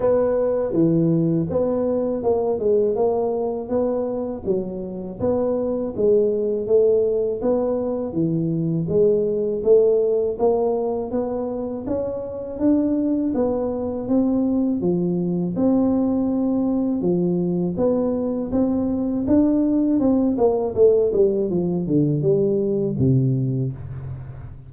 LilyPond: \new Staff \with { instrumentName = "tuba" } { \time 4/4 \tempo 4 = 81 b4 e4 b4 ais8 gis8 | ais4 b4 fis4 b4 | gis4 a4 b4 e4 | gis4 a4 ais4 b4 |
cis'4 d'4 b4 c'4 | f4 c'2 f4 | b4 c'4 d'4 c'8 ais8 | a8 g8 f8 d8 g4 c4 | }